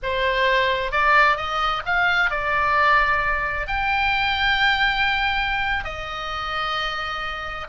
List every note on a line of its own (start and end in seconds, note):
0.02 0.91 C5
0.91 1.36 D5
1.36 1.82 D#5
1.85 2.30 F5
2.30 3.67 D5
3.67 5.84 G5
5.84 7.67 D#5